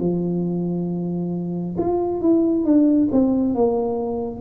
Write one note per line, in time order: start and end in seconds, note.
0.00 1.76 F3
1.78 2.21 F4
2.21 2.65 E4
2.65 3.09 D4
3.12 3.55 C4
3.55 4.41 A#3